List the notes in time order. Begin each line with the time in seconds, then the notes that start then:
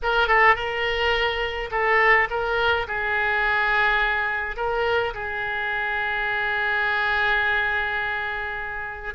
0.02 A#4
0.27 A4
0.55 A#4
1.71 A4
2.29 A#4
2.87 G#4
4.56 A#4
5.14 G#4